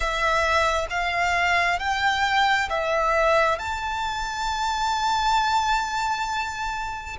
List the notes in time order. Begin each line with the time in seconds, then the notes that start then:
0.00 E5
0.90 F5
1.79 G5
2.69 E5
3.58 A5